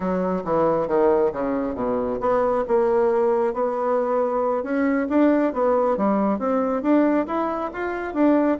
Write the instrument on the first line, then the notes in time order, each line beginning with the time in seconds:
bassoon
0.00 F#3
0.44 E3
0.87 D#3
1.32 C#3
1.74 B2
2.20 B3
2.67 A#3
3.53 B3
4.63 C#4
5.09 D4
5.53 B3
5.97 G3
6.39 C4
6.82 D4
7.27 E4
7.73 F4
8.14 D4